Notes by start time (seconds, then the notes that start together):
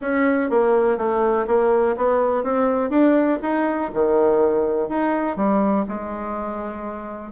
0.01 C#4
0.49 A#3
0.97 A3
1.47 A#3
1.96 B3
2.43 C4
2.89 D4
3.41 D#4
3.93 D#3
4.88 D#4
5.36 G3
5.88 G#3